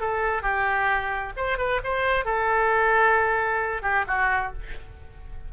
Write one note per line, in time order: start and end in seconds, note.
0.00 0.42 A4
0.42 1.32 G4
1.37 1.58 C5
1.58 1.80 B4
1.84 2.25 C5
2.25 3.82 A4
3.82 4.05 G4
4.07 4.52 F#4